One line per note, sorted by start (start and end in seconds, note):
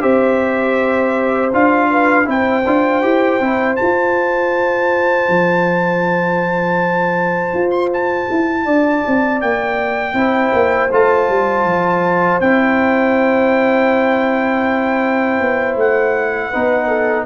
0.00 1.53 C4
0.00 1.50 G4
0.00 1.90 C5
0.00 1.51 E5
1.53 2.27 D4
1.53 2.24 F4
1.53 2.28 F5
1.90 2.27 B4
2.24 2.65 C4
2.24 2.62 E4
2.24 8.65 C5
2.24 3.75 G5
2.66 3.03 D4
2.66 3.02 F4
3.02 3.40 E4
3.02 3.40 G4
3.40 3.77 C4
3.40 3.77 E4
3.75 10.14 F4
3.75 5.28 F4
3.75 7.69 A5
5.28 7.53 F3
7.53 8.28 F4
7.70 7.89 C6
7.93 9.40 A5
8.30 8.65 E4
8.65 9.03 D4
8.65 10.15 D5
9.07 9.42 C4
9.40 10.13 A#3
9.40 10.90 G5
10.13 10.50 C4
10.13 10.89 E4
10.13 16.50 C5
10.53 10.90 A#3
10.92 11.28 A3
10.92 12.42 F4
10.92 12.40 A5
11.28 11.64 G3
11.64 12.39 F3
12.40 15.40 C4
12.40 16.53 E4
12.40 15.78 G5
15.40 15.75 B3
15.75 16.50 A3
15.75 17.25 F#5
16.50 17.25 B3
16.50 17.25 D#4
16.50 16.87 B4
16.87 17.25 A4